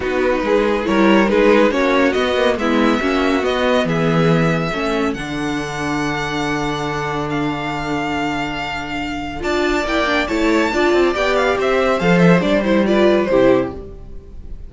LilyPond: <<
  \new Staff \with { instrumentName = "violin" } { \time 4/4 \tempo 4 = 140 b'2 cis''4 b'4 | cis''4 dis''4 e''2 | dis''4 e''2. | fis''1~ |
fis''4 f''2.~ | f''2 a''4 g''4 | a''2 g''8 f''8 e''4 | f''8 e''8 d''8 c''8 d''4 c''4 | }
  \new Staff \with { instrumentName = "violin" } { \time 4/4 fis'4 gis'4 ais'4 gis'4 | fis'2 e'4 fis'4~ | fis'4 gis'2 a'4~ | a'1~ |
a'1~ | a'2 d''2 | cis''4 d''2 c''4~ | c''2 b'4 g'4 | }
  \new Staff \with { instrumentName = "viola" } { \time 4/4 dis'2 e'4 dis'4 | cis'4 b8 ais8 b4 cis'4 | b2. cis'4 | d'1~ |
d'1~ | d'2 f'4 e'8 d'8 | e'4 f'4 g'2 | a'4 d'8 e'8 f'4 e'4 | }
  \new Staff \with { instrumentName = "cello" } { \time 4/4 b4 gis4 g4 gis4 | ais4 b4 gis4 ais4 | b4 e2 a4 | d1~ |
d1~ | d2 d'4 ais4 | a4 d'8 c'8 b4 c'4 | f4 g2 c4 | }
>>